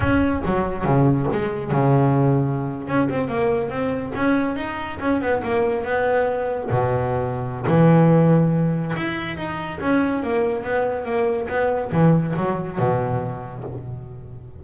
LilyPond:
\new Staff \with { instrumentName = "double bass" } { \time 4/4 \tempo 4 = 141 cis'4 fis4 cis4 gis4 | cis2~ cis8. cis'8 c'8 ais16~ | ais8. c'4 cis'4 dis'4 cis'16~ | cis'16 b8 ais4 b2 b,16~ |
b,2 e2~ | e4 e'4 dis'4 cis'4 | ais4 b4 ais4 b4 | e4 fis4 b,2 | }